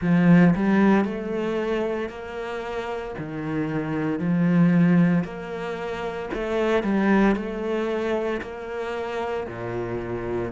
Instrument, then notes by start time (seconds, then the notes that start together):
cello
0.01 F3
0.55 G3
1.04 A3
2.09 A#3
3.18 D#3
4.19 F3
5.23 A#3
6.33 A3
6.83 G3
7.35 A3
8.41 A#3
9.46 A#2